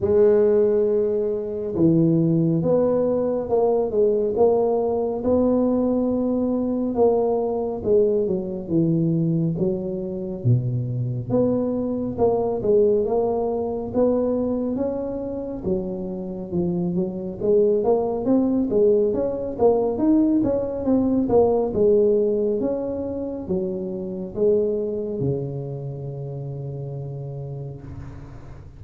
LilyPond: \new Staff \with { instrumentName = "tuba" } { \time 4/4 \tempo 4 = 69 gis2 e4 b4 | ais8 gis8 ais4 b2 | ais4 gis8 fis8 e4 fis4 | b,4 b4 ais8 gis8 ais4 |
b4 cis'4 fis4 f8 fis8 | gis8 ais8 c'8 gis8 cis'8 ais8 dis'8 cis'8 | c'8 ais8 gis4 cis'4 fis4 | gis4 cis2. | }